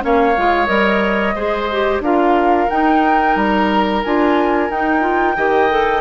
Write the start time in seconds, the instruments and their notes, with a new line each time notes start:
0.00 bassoon A#3, clarinet C#4, oboe C#5, flute F5
0.37 bassoon G#3, clarinet F4
0.66 bassoon G3, clarinet A#4, flute D#5
1.35 bassoon G#3, clarinet G#4, oboe C5
1.71 clarinet G4
2.00 bassoon D4, clarinet F4, oboe A#4, flute F5
2.69 clarinet D#4, bassoon D#4, flute G5
3.36 bassoon G3, flute A#5
4.04 bassoon D4, clarinet F4, flute G#5
4.70 bassoon D#4, clarinet D#4, flute G5
5.01 clarinet F4
5.36 bassoon D#3, clarinet G4, oboe D#5
5.70 clarinet A4